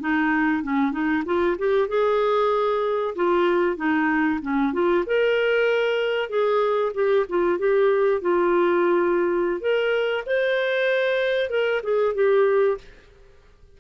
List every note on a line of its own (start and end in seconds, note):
0.00 0.63 D#4
0.63 0.92 C#4
0.92 1.23 D#4
1.25 1.57 F4
1.58 1.88 G4
1.88 3.14 G#4
3.15 3.77 F4
3.77 4.40 D#4
4.42 4.73 C#4
4.73 5.05 F4
5.06 6.29 A#4
6.29 6.92 G#4
6.94 7.26 G4
7.29 7.58 F4
7.58 8.21 G4
8.21 9.61 F4
9.61 10.24 A#4
10.26 11.50 C5
11.50 11.81 A#4
11.83 12.14 G#4
12.15 12.78 G4